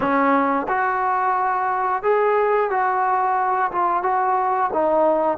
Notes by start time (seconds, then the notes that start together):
0.00 C#4
0.68 F#4
2.03 G#4
2.70 F#4
3.71 F4
4.03 F#4
4.73 D#4